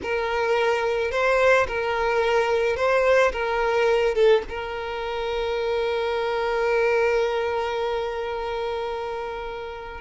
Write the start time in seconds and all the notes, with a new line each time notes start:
0.02 A#4
1.11 C5
1.67 A#4
2.76 C5
3.32 A#4
4.14 A4
4.49 A#4